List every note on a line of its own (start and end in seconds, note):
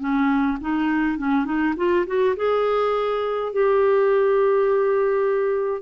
0.00 0.58 C#4
0.61 1.18 D#4
1.18 1.45 C#4
1.45 1.74 D#4
1.77 2.06 F4
2.07 2.36 F#4
2.36 3.53 G#4
3.53 5.83 G4